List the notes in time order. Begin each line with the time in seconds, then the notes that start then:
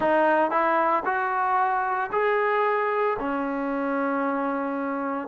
0.00 D#4
0.50 E4
1.05 F#4
2.11 G#4
3.19 C#4